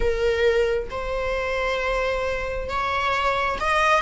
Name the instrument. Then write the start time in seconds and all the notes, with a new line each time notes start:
viola
0.00 A#4
0.90 C5
2.69 C#5
3.60 D#5